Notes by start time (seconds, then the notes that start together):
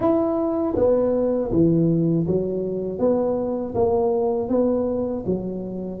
0.00 E4
0.76 B3
1.51 E3
2.26 F#3
2.98 B3
3.74 A#3
4.49 B3
5.26 F#3